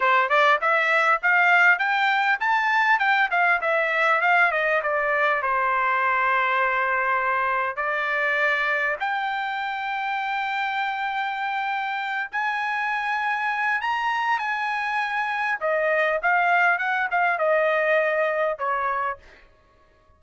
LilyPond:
\new Staff \with { instrumentName = "trumpet" } { \time 4/4 \tempo 4 = 100 c''8 d''8 e''4 f''4 g''4 | a''4 g''8 f''8 e''4 f''8 dis''8 | d''4 c''2.~ | c''4 d''2 g''4~ |
g''1~ | g''8 gis''2~ gis''8 ais''4 | gis''2 dis''4 f''4 | fis''8 f''8 dis''2 cis''4 | }